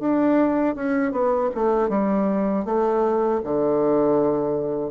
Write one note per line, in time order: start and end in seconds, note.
0.00 0.75 D4
0.75 1.12 C#4
1.12 1.50 B3
1.55 1.89 A3
1.89 2.65 G3
2.65 3.41 A3
3.44 4.91 D3